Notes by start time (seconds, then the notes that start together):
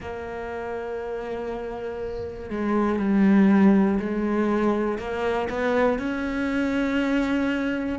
0.00 A#3
2.50 G#3
2.99 G3
4.00 G#3
4.98 A#3
5.49 B3
5.99 C#4